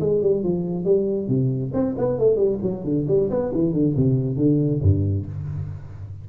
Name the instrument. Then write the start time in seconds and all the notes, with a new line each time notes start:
tuba
0.00 G#3
0.22 G3
0.43 F3
0.85 G3
1.28 C3
1.73 C4
1.98 B3
2.18 A3
2.36 G3
2.62 F#3
2.84 D3
3.08 G3
3.30 B3
3.54 E3
3.73 D3
3.96 C3
4.36 D3
4.82 G2